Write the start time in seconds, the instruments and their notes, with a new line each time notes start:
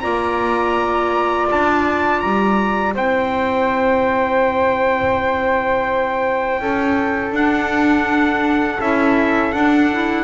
0.00 double bass A#3, clarinet F4, flute D5, trumpet A#5
1.51 double bass D4, trumpet A5
2.20 double bass G3, trumpet A#5
2.94 double bass C4, clarinet E4, flute C5, trumpet G5
6.59 double bass C#4, flute A4
7.32 double bass D4, clarinet D4, trumpet F#5
8.79 double bass C#4, clarinet E4, trumpet E5
9.52 clarinet D4, double bass D4, trumpet F#5
9.92 clarinet E4